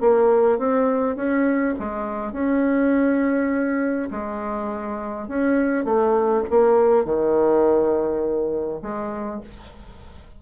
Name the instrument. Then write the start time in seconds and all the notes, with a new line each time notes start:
bassoon
0.00 A#3
0.58 C4
1.16 C#4
1.79 G#3
2.32 C#4
4.10 G#3
5.28 C#4
5.84 A3
6.50 A#3
7.04 D#3
8.82 G#3